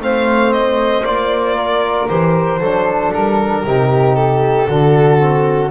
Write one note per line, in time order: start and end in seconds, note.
0.00 1.03 A3
0.00 1.04 C4
0.00 1.56 C5
0.00 0.53 F5
0.53 1.05 D#5
1.05 2.09 A#3
1.05 2.08 F4
1.05 2.08 D5
1.56 2.59 A#4
2.08 2.60 E3
2.08 2.60 G4
2.08 3.12 C5
2.60 3.12 F#3
2.60 3.66 D4
2.60 3.63 A4
3.14 3.64 G3
3.14 4.16 A#4
3.64 4.67 C3
3.64 4.68 D#4
3.64 4.67 G4
4.16 5.71 A4
4.67 5.71 D3
4.67 5.19 D4
4.67 5.71 F#4
5.19 5.71 C4